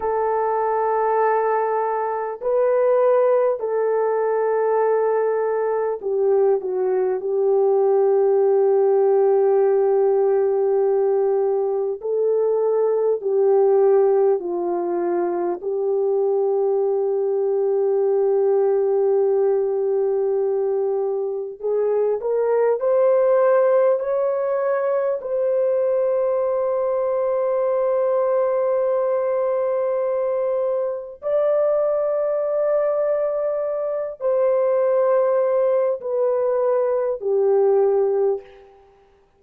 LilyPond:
\new Staff \with { instrumentName = "horn" } { \time 4/4 \tempo 4 = 50 a'2 b'4 a'4~ | a'4 g'8 fis'8 g'2~ | g'2 a'4 g'4 | f'4 g'2.~ |
g'2 gis'8 ais'8 c''4 | cis''4 c''2.~ | c''2 d''2~ | d''8 c''4. b'4 g'4 | }